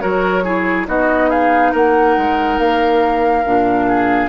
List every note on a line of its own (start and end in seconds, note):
0.00 0.87 F#3
0.00 0.43 F#4
0.00 0.44 A#4
0.00 0.86 C#5
0.44 0.86 E4
0.44 0.87 G#4
0.86 1.73 B3
0.86 3.44 D#4
0.86 1.30 F#4
0.86 1.30 D#5
1.30 1.72 G#4
1.30 1.73 F5
1.72 2.17 A#3
1.72 3.86 A#4
1.72 2.59 F#5
2.17 2.59 G#3
2.59 3.44 A#3
2.59 4.29 F5
3.46 4.29 A#2
3.46 4.29 D4
3.88 4.29 G#4